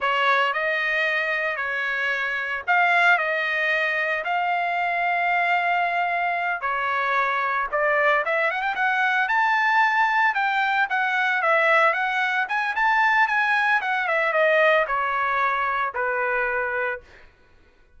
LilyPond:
\new Staff \with { instrumentName = "trumpet" } { \time 4/4 \tempo 4 = 113 cis''4 dis''2 cis''4~ | cis''4 f''4 dis''2 | f''1~ | f''8 cis''2 d''4 e''8 |
fis''16 g''16 fis''4 a''2 g''8~ | g''8 fis''4 e''4 fis''4 gis''8 | a''4 gis''4 fis''8 e''8 dis''4 | cis''2 b'2 | }